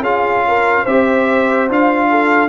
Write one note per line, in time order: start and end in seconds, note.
0.00 0.82 C#4
0.00 0.86 F4
0.00 0.44 G#4
0.00 0.85 F5
0.47 0.83 A#4
0.83 1.69 C4
0.83 1.70 G4
0.83 2.06 C5
0.83 1.68 E5
1.69 2.48 D4
1.69 2.48 F4
1.69 2.48 F5
2.09 2.48 A4